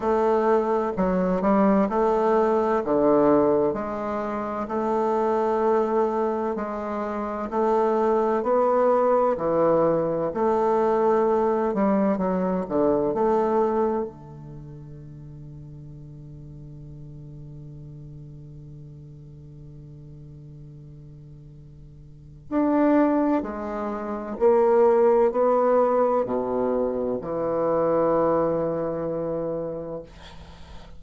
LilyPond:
\new Staff \with { instrumentName = "bassoon" } { \time 4/4 \tempo 4 = 64 a4 fis8 g8 a4 d4 | gis4 a2 gis4 | a4 b4 e4 a4~ | a8 g8 fis8 d8 a4 d4~ |
d1~ | d1 | d'4 gis4 ais4 b4 | b,4 e2. | }